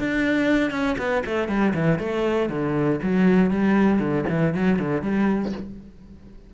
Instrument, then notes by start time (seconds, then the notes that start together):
cello
0.00 D4
0.72 C#4
0.99 B3
1.26 A3
1.49 G3
1.75 E3
1.99 A3
2.50 D3
3.03 F#3
3.51 G3
4.00 D3
4.29 E3
4.55 F#3
4.79 D3
5.02 G3